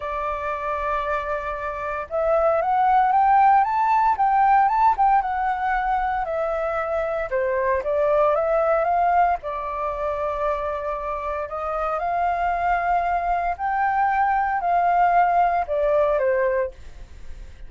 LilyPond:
\new Staff \with { instrumentName = "flute" } { \time 4/4 \tempo 4 = 115 d''1 | e''4 fis''4 g''4 a''4 | g''4 a''8 g''8 fis''2 | e''2 c''4 d''4 |
e''4 f''4 d''2~ | d''2 dis''4 f''4~ | f''2 g''2 | f''2 d''4 c''4 | }